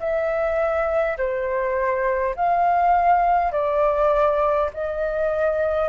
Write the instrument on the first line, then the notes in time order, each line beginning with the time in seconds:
flute
0.00 E5
1.18 C5
2.36 F5
3.52 D5
4.74 D#5